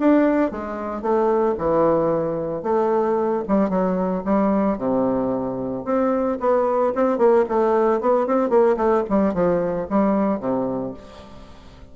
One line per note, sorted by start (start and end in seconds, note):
0.00 0.51 D4
0.51 1.02 G#3
1.02 1.56 A3
1.59 2.63 E3
2.63 3.44 A3
3.48 3.70 G3
3.70 4.23 F#3
4.25 4.78 G3
4.78 5.85 C3
5.85 6.39 C4
6.40 6.94 B3
6.95 7.18 C4
7.18 7.45 A#3
7.49 8.01 A3
8.01 8.27 B3
8.27 8.50 C4
8.50 8.77 A#3
8.77 9.04 A3
9.10 9.34 G3
9.34 9.88 F3
9.90 10.40 G3
10.40 10.94 C3